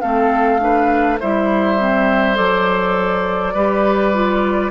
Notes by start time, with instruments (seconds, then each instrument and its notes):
0.00 bassoon A3, clarinet C4, oboe A4, flute F5
0.59 clarinet D4, oboe B4
1.19 bassoon G3, clarinet E4, oboe C5, flute E5
1.79 clarinet C4
2.35 bassoon F#3, clarinet A4, flute D5
3.53 bassoon G3, clarinet G4, oboe B4
4.14 clarinet F4